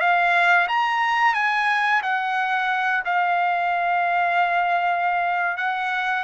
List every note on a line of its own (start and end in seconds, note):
0.00 0.67 F5
0.68 1.34 A#5
1.34 2.02 G#5
2.03 3.04 F#5
3.05 5.57 F5
5.57 6.24 F#5